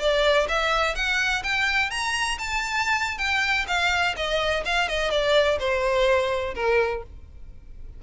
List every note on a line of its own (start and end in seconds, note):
0.00 0.48 D5
0.48 0.95 E5
0.95 1.43 F#5
1.44 1.90 G5
1.90 2.38 A#5
2.39 3.18 A5
3.18 3.66 G5
3.68 4.15 F5
4.17 4.64 D#5
4.65 4.88 F5
4.88 5.11 D#5
5.11 5.58 D5
5.59 6.55 C5
6.55 7.03 A#4